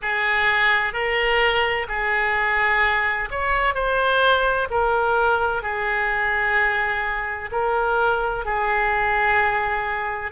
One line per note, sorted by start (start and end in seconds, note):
0.02 0.93 G#4
0.93 1.87 A#4
1.88 3.29 G#4
3.30 3.74 C#5
3.74 4.67 C5
4.70 5.62 A#4
5.62 7.50 G#4
7.51 8.45 A#4
8.45 10.31 G#4